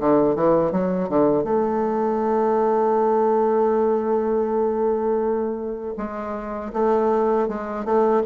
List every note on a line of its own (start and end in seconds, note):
0.00 0.36 D3
0.36 0.72 E3
0.72 1.09 F#3
1.09 1.44 D3
1.44 5.94 A3
5.98 6.73 G#3
6.73 7.48 A3
7.48 7.85 G#3
7.85 8.23 A3